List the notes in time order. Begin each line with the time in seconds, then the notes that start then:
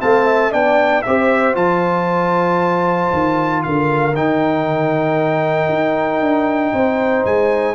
0.00 A3 C4 F5 A5
0.26 E5
0.52 B3 D4 D5 G5
1.03 C4 G4 C5 E5
1.55 F3 F4 A5
3.13 D#3
3.63 D3 A#4 F5
4.14 D#3 D#4 G5
5.70 D#4
6.21 D4
6.73 C4 C5
7.26 G#3 G#5